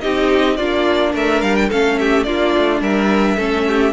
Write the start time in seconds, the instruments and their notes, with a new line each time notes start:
0.00 cello C4, viola D#4, violin G4 D#5
0.56 cello A#3, viola D4, violin F4 D5
1.14 cello A3, violin A#4 E5
1.41 cello G3, violin F5
1.55 violin G5
1.68 cello A3, viola C#4, violin A4 F5
1.98 violin G4 E5
2.23 cello A#3, viola D4, violin F4 D5
2.57 cello A3
2.80 cello G3, violin A#4 E5
3.36 cello A3, viola C#4, violin A4
3.68 violin G4